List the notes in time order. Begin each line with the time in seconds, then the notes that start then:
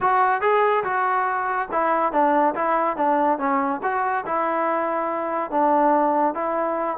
0.00 F#4
0.41 G#4
0.83 F#4
1.71 E4
2.12 D4
2.54 E4
2.96 D4
3.38 C#4
3.82 F#4
4.26 E4
5.50 D4
6.34 E4